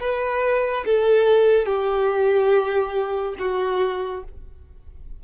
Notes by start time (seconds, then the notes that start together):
0.00 B4
0.85 A4
1.66 G4
3.39 F#4